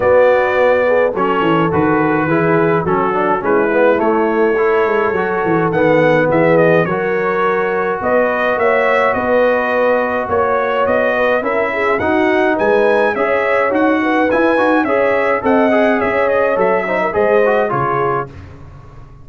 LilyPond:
<<
  \new Staff \with { instrumentName = "trumpet" } { \time 4/4 \tempo 4 = 105 d''2 cis''4 b'4~ | b'4 a'4 b'4 cis''4~ | cis''2 fis''4 e''8 dis''8 | cis''2 dis''4 e''4 |
dis''2 cis''4 dis''4 | e''4 fis''4 gis''4 e''4 | fis''4 gis''4 e''4 fis''4 | e''8 dis''8 e''4 dis''4 cis''4 | }
  \new Staff \with { instrumentName = "horn" } { \time 4/4 fis'4. gis'8 a'2 | gis'4 fis'4 e'2 | a'2. gis'4 | ais'2 b'4 cis''4 |
b'2 cis''4. b'8 | ais'8 gis'8 fis'4 b'4 cis''4~ | cis''8 b'4. cis''4 dis''4 | cis''4. c''16 ais'16 c''4 gis'4 | }
  \new Staff \with { instrumentName = "trombone" } { \time 4/4 b2 cis'4 fis'4 | e'4 cis'8 d'8 cis'8 b8 a4 | e'4 fis'4 b2 | fis'1~ |
fis'1 | e'4 dis'2 gis'4 | fis'4 e'8 fis'8 gis'4 a'8 gis'8~ | gis'4 a'8 dis'8 gis'8 fis'8 f'4 | }
  \new Staff \with { instrumentName = "tuba" } { \time 4/4 b2 fis8 e8 dis4 | e4 fis4 gis4 a4~ | a8 gis8 fis8 e8 dis4 e4 | fis2 b4 ais4 |
b2 ais4 b4 | cis'4 dis'4 gis4 cis'4 | dis'4 e'8 dis'8 cis'4 c'4 | cis'4 fis4 gis4 cis4 | }
>>